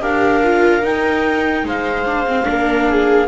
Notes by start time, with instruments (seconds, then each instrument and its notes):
0.00 double bass D4, viola G4 A#4, clarinet F5
0.43 viola F4
0.81 viola D#4, double bass D#4, clarinet G5
1.64 double bass G#3, viola C5, clarinet F5
2.05 viola D4
2.27 viola C4
2.44 double bass A#3, viola D4
2.50 viola A#4
2.88 viola G#4